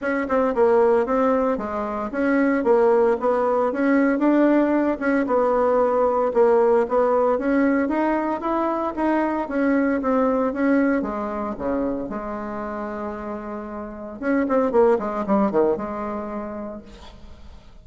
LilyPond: \new Staff \with { instrumentName = "bassoon" } { \time 4/4 \tempo 4 = 114 cis'8 c'8 ais4 c'4 gis4 | cis'4 ais4 b4 cis'4 | d'4. cis'8 b2 | ais4 b4 cis'4 dis'4 |
e'4 dis'4 cis'4 c'4 | cis'4 gis4 cis4 gis4~ | gis2. cis'8 c'8 | ais8 gis8 g8 dis8 gis2 | }